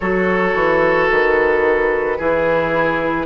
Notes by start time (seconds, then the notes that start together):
0.00 F#3 F#4 A4 C#5
0.54 E3
1.10 D#3 B4
2.18 E3 E4 G#4